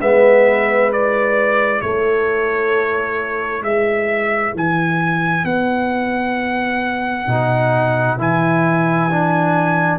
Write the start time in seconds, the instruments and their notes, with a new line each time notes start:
0.00 tuba G#3, trombone B3, horn B4, trumpet E5
0.92 trombone E4, trumpet D5
1.81 tuba A3, horn A4, trumpet C#5
3.62 tuba G#3, horn B4, trumpet E5
4.55 tuba E3, trumpet G#5
5.44 tuba B3, trumpet F#5
7.27 tuba B2, trombone D#4
8.18 tuba E3, trombone E4, trumpet G#5
9.10 trombone D4